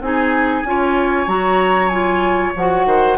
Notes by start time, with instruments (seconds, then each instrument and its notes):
0.00 bassoon C4, clarinet D#4, oboe G#4, flute G#5
0.64 bassoon C#4, clarinet F4, oboe C#5
1.27 bassoon F#3, clarinet F#4, flute A#5
1.89 clarinet F4, flute G#5
2.56 bassoon F3, clarinet F#4, flute F#5
2.85 bassoon D#3, oboe C5